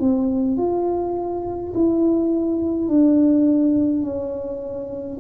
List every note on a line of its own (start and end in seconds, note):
0.00 0.58 C4
0.58 1.73 F4
1.74 2.88 E4
2.88 4.03 D4
4.03 5.18 C#4